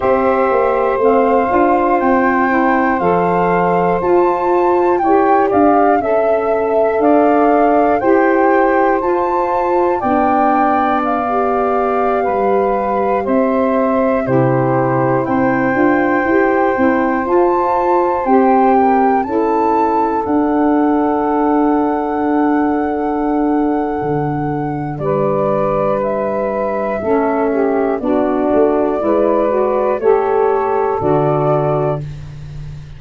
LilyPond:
<<
  \new Staff \with { instrumentName = "flute" } { \time 4/4 \tempo 4 = 60 e''4 f''4 g''4 f''4 | a''4 g''8 f''8 e''4 f''4 | g''4 a''4 g''4 f''4~ | f''4~ f''16 e''4 c''4 g''8.~ |
g''4~ g''16 a''4 g''4 a''8.~ | a''16 fis''2.~ fis''8.~ | fis''4 d''4 e''2 | d''2 cis''4 d''4 | }
  \new Staff \with { instrumentName = "saxophone" } { \time 4/4 c''1~ | c''4 cis''8 d''8 e''4 d''4 | c''2 d''2~ | d''16 b'4 c''4 g'4 c''8.~ |
c''2~ c''8. ais'8 a'8.~ | a'1~ | a'4 b'2 a'8 g'8 | fis'4 b'4 a'2 | }
  \new Staff \with { instrumentName = "saxophone" } { \time 4/4 g'4 c'8 f'4 e'8 a'4 | f'4 g'4 a'2 | g'4 f'4 d'4~ d'16 g'8.~ | g'2~ g'16 e'4. f'16~ |
f'16 g'8 e'8 f'4 g'4 e'8.~ | e'16 d'2.~ d'8.~ | d'2. cis'4 | d'4 e'8 fis'8 g'4 fis'4 | }
  \new Staff \with { instrumentName = "tuba" } { \time 4/4 c'8 ais8 a8 d'8 c'4 f4 | f'4 e'8 d'8 cis'4 d'4 | e'4 f'4 b2~ | b16 g4 c'4 c4 c'8 d'16~ |
d'16 e'8 c'8 f'4 c'4 cis'8.~ | cis'16 d'2.~ d'8. | d4 g2 a4 | b8 a8 gis4 a4 d4 | }
>>